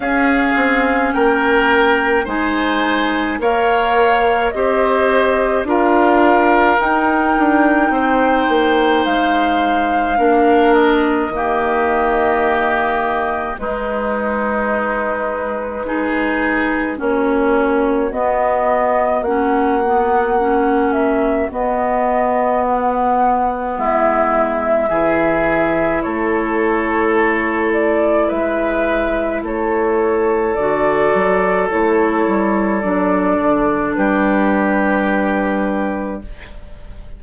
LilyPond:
<<
  \new Staff \with { instrumentName = "flute" } { \time 4/4 \tempo 4 = 53 f''4 g''4 gis''4 f''4 | dis''4 f''4 g''2 | f''4. dis''2~ dis''8 | b'2. cis''4 |
dis''4 fis''4. e''8 dis''4 | fis''4 e''2 cis''4~ | cis''8 d''8 e''4 cis''4 d''4 | cis''4 d''4 b'2 | }
  \new Staff \with { instrumentName = "oboe" } { \time 4/4 gis'4 ais'4 c''4 cis''4 | c''4 ais'2 c''4~ | c''4 ais'4 g'2 | dis'2 gis'4 fis'4~ |
fis'1~ | fis'4 e'4 gis'4 a'4~ | a'4 b'4 a'2~ | a'2 g'2 | }
  \new Staff \with { instrumentName = "clarinet" } { \time 4/4 cis'2 dis'4 ais'4 | g'4 f'4 dis'2~ | dis'4 d'4 ais2 | gis2 dis'4 cis'4 |
b4 cis'8 b8 cis'4 b4~ | b2 e'2~ | e'2. fis'4 | e'4 d'2. | }
  \new Staff \with { instrumentName = "bassoon" } { \time 4/4 cis'8 c'8 ais4 gis4 ais4 | c'4 d'4 dis'8 d'8 c'8 ais8 | gis4 ais4 dis2 | gis2. ais4 |
b4 ais2 b4~ | b4 gis4 e4 a4~ | a4 gis4 a4 d8 fis8 | a8 g8 fis8 d8 g2 | }
>>